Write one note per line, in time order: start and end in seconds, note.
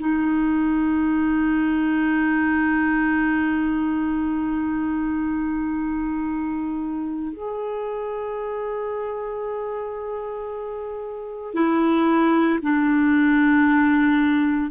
0.00 7.33 D#4
7.33 11.54 G#4
11.54 12.59 E4
12.62 14.71 D4